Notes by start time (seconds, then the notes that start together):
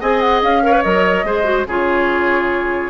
0.00 C4 G#4 D#5 G#5
0.20 F#5
0.42 C#4 F5
0.63 A#4 C#5
0.72 B4
0.82 F#3 A#4 D#5
1.24 G#3 G#4 C5
1.44 F#4
1.66 C#3 F4 G#4 C#5